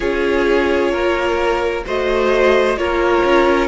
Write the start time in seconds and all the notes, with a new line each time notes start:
0.00 C#4 F4 G#4 C#5
0.91 A#3 A#4
1.85 A3 F#4 C5 D#5
2.76 A#3 F4 A#4 C#5
3.24 C#4